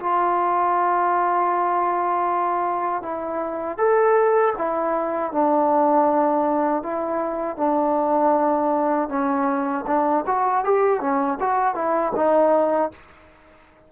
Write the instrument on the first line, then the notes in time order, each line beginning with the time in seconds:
trombone
0.00 F4
3.03 E4
3.78 A4
4.58 E4
5.32 D4
6.83 E4
7.57 D4
9.09 C#4
9.87 D4
10.27 F#4
10.65 G4
11.01 C#4
11.41 F#4
11.75 E4
12.16 D#4